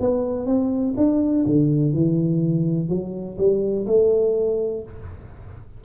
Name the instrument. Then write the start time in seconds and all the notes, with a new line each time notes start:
tuba
0.00 B3
0.46 C4
0.97 D4
1.46 D3
1.94 E3
2.89 F#3
3.38 G3
3.87 A3